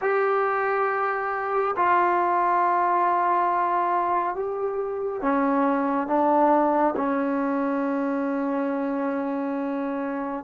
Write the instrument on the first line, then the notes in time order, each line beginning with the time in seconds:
trombone
0.01 G4
1.76 F4
4.35 G4
5.22 C#4
6.07 D4
6.96 C#4